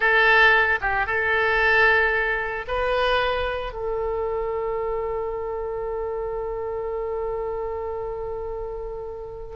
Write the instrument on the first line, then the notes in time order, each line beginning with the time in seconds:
oboe
0.00 A4
0.81 G4
1.06 A4
2.67 B4
3.72 A4